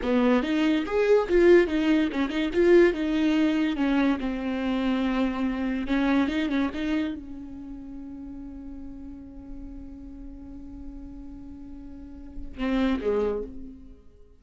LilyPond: \new Staff \with { instrumentName = "viola" } { \time 4/4 \tempo 4 = 143 b4 dis'4 gis'4 f'4 | dis'4 cis'8 dis'8 f'4 dis'4~ | dis'4 cis'4 c'2~ | c'2 cis'4 dis'8 cis'8 |
dis'4 cis'2.~ | cis'1~ | cis'1~ | cis'2 c'4 gis4 | }